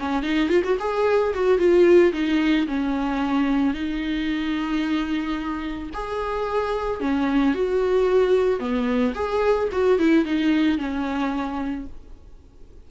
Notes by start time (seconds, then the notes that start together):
0.00 C#4
0.23 D#4
0.49 F4
0.64 F#4
0.80 G#4
1.34 F#4
1.59 F4
2.13 D#4
2.68 C#4
3.74 D#4
5.94 G#4
7.01 C#4
7.55 F#4
8.60 B3
9.15 G#4
9.72 F#4
9.99 E4
10.26 D#4
10.78 C#4